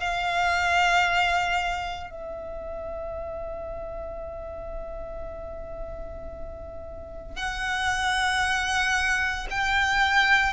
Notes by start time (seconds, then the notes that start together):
0.00 F5
2.10 E5
7.36 F#5
9.50 G5